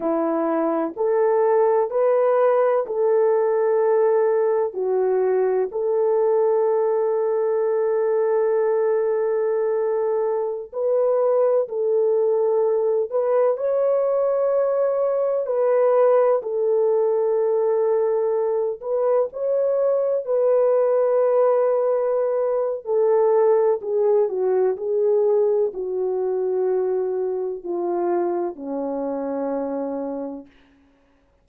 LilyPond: \new Staff \with { instrumentName = "horn" } { \time 4/4 \tempo 4 = 63 e'4 a'4 b'4 a'4~ | a'4 fis'4 a'2~ | a'2.~ a'16 b'8.~ | b'16 a'4. b'8 cis''4.~ cis''16~ |
cis''16 b'4 a'2~ a'8 b'16~ | b'16 cis''4 b'2~ b'8. | a'4 gis'8 fis'8 gis'4 fis'4~ | fis'4 f'4 cis'2 | }